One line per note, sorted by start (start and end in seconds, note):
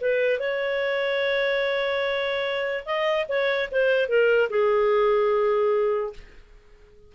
0.00 0.39 B4
0.39 2.84 C#5
2.85 3.26 D#5
3.28 3.69 C#5
3.71 4.08 C5
4.08 4.49 A#4
4.49 6.13 G#4